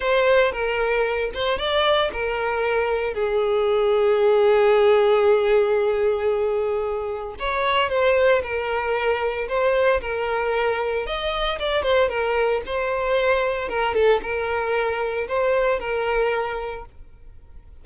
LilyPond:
\new Staff \with { instrumentName = "violin" } { \time 4/4 \tempo 4 = 114 c''4 ais'4. c''8 d''4 | ais'2 gis'2~ | gis'1~ | gis'2 cis''4 c''4 |
ais'2 c''4 ais'4~ | ais'4 dis''4 d''8 c''8 ais'4 | c''2 ais'8 a'8 ais'4~ | ais'4 c''4 ais'2 | }